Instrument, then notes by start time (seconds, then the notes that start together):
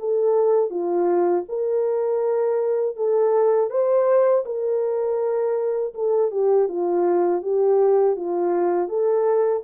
horn
0.00 A4
0.71 F4
1.49 A#4
2.97 A4
3.71 C5
4.46 A#4
5.95 A4
6.32 G4
6.69 F4
7.42 G4
8.17 F4
8.89 A4